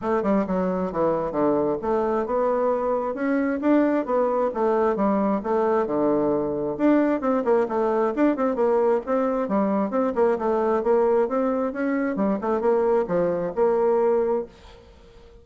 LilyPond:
\new Staff \with { instrumentName = "bassoon" } { \time 4/4 \tempo 4 = 133 a8 g8 fis4 e4 d4 | a4 b2 cis'4 | d'4 b4 a4 g4 | a4 d2 d'4 |
c'8 ais8 a4 d'8 c'8 ais4 | c'4 g4 c'8 ais8 a4 | ais4 c'4 cis'4 g8 a8 | ais4 f4 ais2 | }